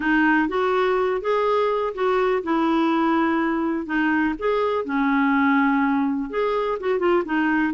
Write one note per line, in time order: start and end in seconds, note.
0.00 0.48 D#4
0.48 1.21 F#4
1.21 1.93 G#4
1.94 2.43 F#4
2.43 3.86 E4
3.86 4.34 D#4
4.38 4.85 G#4
4.85 6.29 C#4
6.29 6.78 G#4
6.80 6.99 F#4
6.99 7.23 F4
7.25 7.73 D#4